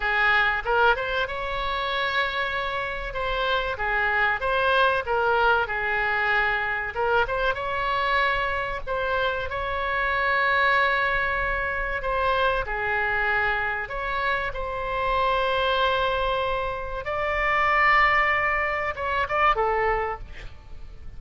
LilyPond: \new Staff \with { instrumentName = "oboe" } { \time 4/4 \tempo 4 = 95 gis'4 ais'8 c''8 cis''2~ | cis''4 c''4 gis'4 c''4 | ais'4 gis'2 ais'8 c''8 | cis''2 c''4 cis''4~ |
cis''2. c''4 | gis'2 cis''4 c''4~ | c''2. d''4~ | d''2 cis''8 d''8 a'4 | }